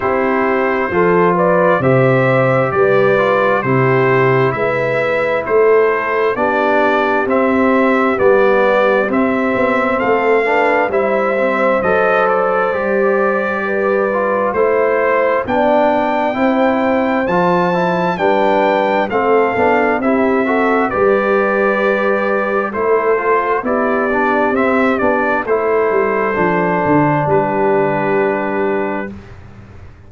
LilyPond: <<
  \new Staff \with { instrumentName = "trumpet" } { \time 4/4 \tempo 4 = 66 c''4. d''8 e''4 d''4 | c''4 e''4 c''4 d''4 | e''4 d''4 e''4 f''4 | e''4 dis''8 d''2~ d''8 |
c''4 g''2 a''4 | g''4 f''4 e''4 d''4~ | d''4 c''4 d''4 e''8 d''8 | c''2 b'2 | }
  \new Staff \with { instrumentName = "horn" } { \time 4/4 g'4 a'8 b'8 c''4 b'4 | g'4 b'4 a'4 g'4~ | g'2. a'8 b'8 | c''2. b'4 |
c''4 d''4 c''2 | b'4 a'4 g'8 a'8 b'4~ | b'4 a'4 g'2 | a'2 g'2 | }
  \new Staff \with { instrumentName = "trombone" } { \time 4/4 e'4 f'4 g'4. f'8 | e'2. d'4 | c'4 b4 c'4. d'8 | e'8 c'8 a'4 g'4. f'8 |
e'4 d'4 e'4 f'8 e'8 | d'4 c'8 d'8 e'8 fis'8 g'4~ | g'4 e'8 f'8 e'8 d'8 c'8 d'8 | e'4 d'2. | }
  \new Staff \with { instrumentName = "tuba" } { \time 4/4 c'4 f4 c4 g4 | c4 gis4 a4 b4 | c'4 g4 c'8 b8 a4 | g4 fis4 g2 |
a4 b4 c'4 f4 | g4 a8 b8 c'4 g4~ | g4 a4 b4 c'8 b8 | a8 g8 f8 d8 g2 | }
>>